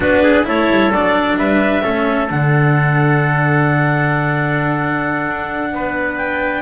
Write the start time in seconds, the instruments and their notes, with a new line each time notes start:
0.00 double bass B3, cello D4, trumpet F#4, clarinet B4
0.23 trumpet G#4
0.44 double bass A3, cello E4, trumpet A4, clarinet C#5
0.70 double bass G3
0.91 double bass F#3, cello D4, clarinet D5
1.36 double bass G3, trumpet B4, clarinet E5
1.82 double bass A3, cello C#4, trumpet A4
2.30 double bass D3, cello D4, clarinet F#5
5.28 double bass D4
5.72 double bass B3, trumpet B4
6.16 clarinet G5